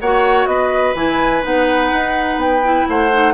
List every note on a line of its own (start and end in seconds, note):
0.00 0.46 A#3
0.00 0.95 F#4
0.00 0.48 C#5
0.00 0.46 F#5
0.46 0.93 B3
0.46 2.87 B4
0.46 0.93 D#5
0.94 1.42 E3
0.94 1.42 E4
0.94 1.43 G#5
1.42 1.91 B3
1.42 2.61 D#4
1.42 2.40 F#5
1.91 2.36 D#4
2.36 2.84 B3
2.36 2.87 G5
2.63 3.11 E4
2.88 3.34 A3
2.88 3.34 C5
2.88 3.34 F#5
3.12 3.34 D#4